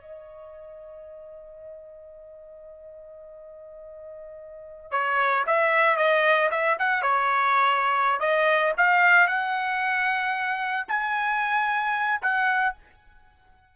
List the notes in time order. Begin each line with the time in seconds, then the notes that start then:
0.00 D#5
4.91 C#5
5.46 E5
5.96 D#5
6.50 E5
6.78 F#5
7.02 C#5
8.19 D#5
8.77 F5
9.27 F#5
10.88 G#5
12.21 F#5